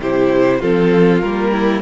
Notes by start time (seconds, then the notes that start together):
0.00 C3 E4 G4 C5
0.59 F3 C4 F4 A4
1.22 G3 A#3 A#4
1.52 E4